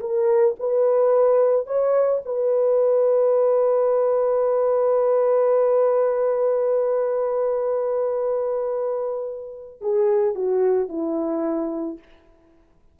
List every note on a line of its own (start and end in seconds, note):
0.00 0.55 A#4
0.59 1.66 B4
1.66 2.21 C#5
2.25 9.81 B4
9.81 10.35 G#4
10.35 10.88 F#4
10.88 11.98 E4